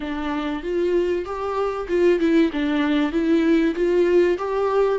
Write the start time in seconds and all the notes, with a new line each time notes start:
0.00 D4
0.62 F4
1.25 G4
1.88 F4
2.19 E4
2.52 D4
3.12 E4
3.75 F4
4.38 G4